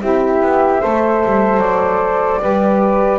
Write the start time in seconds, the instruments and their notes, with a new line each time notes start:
0.00 double bass C4, saxophone E4, flute G4 E5
0.41 double bass B3
0.80 double bass A3, saxophone A4, flute C5
1.25 double bass G3
1.57 double bass F#3, flute D5
2.40 double bass G3, saxophone G4, flute B4